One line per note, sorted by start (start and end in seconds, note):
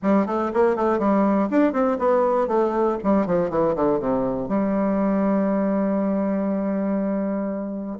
0.02 0.26 G3
0.26 0.51 A3
0.53 0.75 A#3
0.75 0.98 A3
0.98 1.48 G3
1.50 1.72 D4
1.72 1.97 C4
1.99 2.47 B3
2.47 2.97 A3
3.03 3.26 G3
3.26 3.50 F3
3.50 3.75 E3
3.75 3.99 D3
3.99 4.48 C3
4.48 7.98 G3